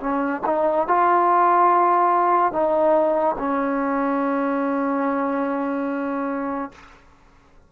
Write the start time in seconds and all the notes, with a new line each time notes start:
0.00 C#4
0.46 D#4
0.87 F4
2.52 D#4
3.38 C#4